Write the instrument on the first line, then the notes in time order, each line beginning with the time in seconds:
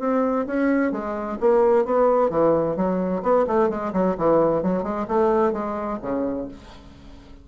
bassoon
0.00 C4
0.47 C#4
0.92 G#3
1.41 A#3
1.85 B3
2.30 E3
2.77 F#3
3.23 B3
3.47 A3
3.70 G#3
3.93 F#3
4.18 E3
4.63 F#3
4.84 G#3
5.08 A3
5.53 G#3
6.02 C#3